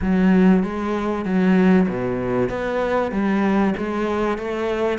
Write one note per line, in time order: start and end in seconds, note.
0.01 0.63 F#3
0.63 1.25 G#3
1.25 1.87 F#3
1.88 2.49 B2
2.49 3.11 B3
3.11 3.74 G3
3.77 4.38 G#3
4.38 4.98 A3